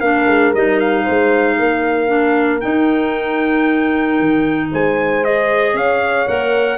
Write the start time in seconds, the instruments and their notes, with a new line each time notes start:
0.00 tuba A#3, clarinet D4, horn A#4, trumpet F5
0.26 tuba G#3
0.53 tuba G3, clarinet D#4, trumpet D#5
0.80 trumpet F5
1.03 tuba G#3, horn C5
1.58 tuba A#3, horn A#4
2.07 clarinet D4
2.61 clarinet D#4, tuba D#4, trumpet G5
4.19 tuba D#3
4.71 tuba G#3, horn C5, trumpet G#5
5.23 clarinet G#4, trumpet D#5
5.74 tuba C#4, horn C#5, trumpet F5
6.26 tuba A#3, clarinet A#4, trumpet F#5